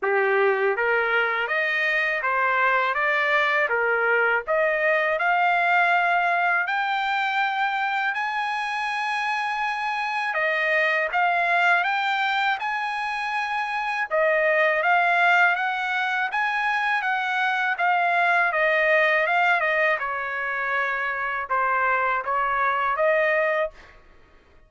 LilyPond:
\new Staff \with { instrumentName = "trumpet" } { \time 4/4 \tempo 4 = 81 g'4 ais'4 dis''4 c''4 | d''4 ais'4 dis''4 f''4~ | f''4 g''2 gis''4~ | gis''2 dis''4 f''4 |
g''4 gis''2 dis''4 | f''4 fis''4 gis''4 fis''4 | f''4 dis''4 f''8 dis''8 cis''4~ | cis''4 c''4 cis''4 dis''4 | }